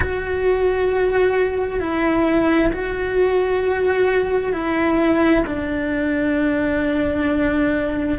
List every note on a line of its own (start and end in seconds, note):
0.00 1.80 F#4
1.80 2.71 E4
2.72 4.52 F#4
4.52 5.43 E4
5.46 8.18 D4